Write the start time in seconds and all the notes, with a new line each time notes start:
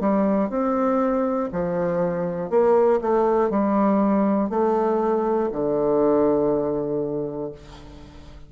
0.00 G3
0.50 C4
1.51 F3
2.50 A#3
3.00 A3
3.50 G3
4.49 A3
5.51 D3